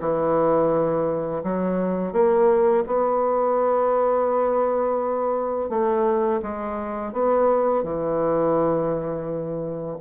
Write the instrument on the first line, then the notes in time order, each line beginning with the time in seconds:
bassoon
0.00 E3
1.43 F#3
2.12 A#3
2.86 B3
5.69 A3
6.42 G#3
7.12 B3
7.83 E3